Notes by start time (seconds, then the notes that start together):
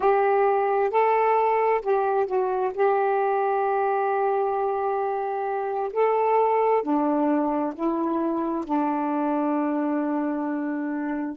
0.00 G4
0.90 A4
1.81 G4
2.26 F#4
2.74 G4
5.92 A4
6.82 D4
7.74 E4
8.64 D4